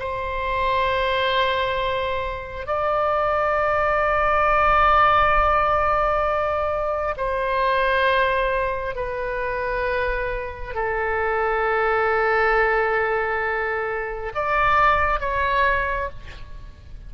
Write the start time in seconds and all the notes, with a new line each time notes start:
0.00 C5
2.67 D5
7.17 C5
8.96 B4
10.75 A4
14.35 D5
15.20 C#5